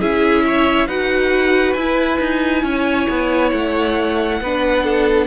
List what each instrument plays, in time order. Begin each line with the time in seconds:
0.00 cello C#4, viola E4, violin G#4 E5
0.46 violin C#5
0.87 cello D#4, viola F#4, violin B4 F#5
1.73 cello E4, viola E4, violin G#5
2.20 cello D#4
2.63 cello C#4, violin C#5
3.10 cello B3
3.52 cello A3, violin F#5
4.40 cello B3, viola D4, violin B4
4.84 violin A4